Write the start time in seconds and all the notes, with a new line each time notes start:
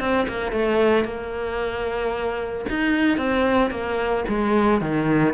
0.00 C4
0.29 A#3
0.52 A3
1.05 A#3
2.70 D#4
3.18 C4
3.71 A#3
4.29 G#3
4.81 D#3